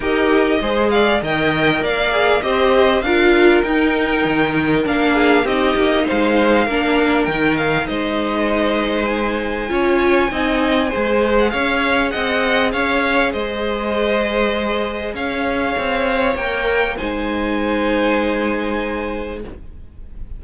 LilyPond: <<
  \new Staff \with { instrumentName = "violin" } { \time 4/4 \tempo 4 = 99 dis''4. f''8 g''4 f''4 | dis''4 f''4 g''2 | f''4 dis''4 f''2 | g''8 f''8 dis''2 gis''4~ |
gis''2~ gis''8. fis''16 f''4 | fis''4 f''4 dis''2~ | dis''4 f''2 g''4 | gis''1 | }
  \new Staff \with { instrumentName = "violin" } { \time 4/4 ais'4 c''8 d''8 dis''4 d''4 | c''4 ais'2.~ | ais'8 gis'8 g'4 c''4 ais'4~ | ais'4 c''2. |
cis''4 dis''4 c''4 cis''4 | dis''4 cis''4 c''2~ | c''4 cis''2. | c''1 | }
  \new Staff \with { instrumentName = "viola" } { \time 4/4 g'4 gis'4 ais'4. gis'8 | g'4 f'4 dis'2 | d'4 dis'2 d'4 | dis'1 |
f'4 dis'4 gis'2~ | gis'1~ | gis'2. ais'4 | dis'1 | }
  \new Staff \with { instrumentName = "cello" } { \time 4/4 dis'4 gis4 dis4 ais4 | c'4 d'4 dis'4 dis4 | ais4 c'8 ais8 gis4 ais4 | dis4 gis2. |
cis'4 c'4 gis4 cis'4 | c'4 cis'4 gis2~ | gis4 cis'4 c'4 ais4 | gis1 | }
>>